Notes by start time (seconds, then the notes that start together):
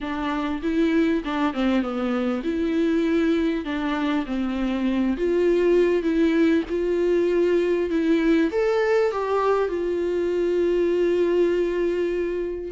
0.01 D4
0.62 E4
1.24 D4
1.53 C4
1.82 B3
2.43 E4
3.64 D4
4.26 C4
5.17 F4
6.02 E4
6.69 F4
7.90 E4
8.52 A4
9.11 G4
9.68 F4